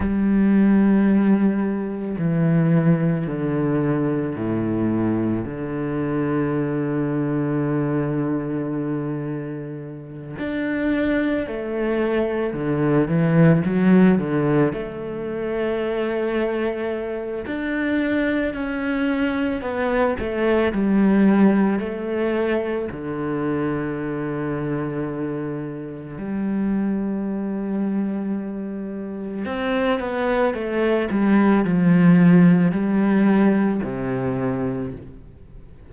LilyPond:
\new Staff \with { instrumentName = "cello" } { \time 4/4 \tempo 4 = 55 g2 e4 d4 | a,4 d2.~ | d4. d'4 a4 d8 | e8 fis8 d8 a2~ a8 |
d'4 cis'4 b8 a8 g4 | a4 d2. | g2. c'8 b8 | a8 g8 f4 g4 c4 | }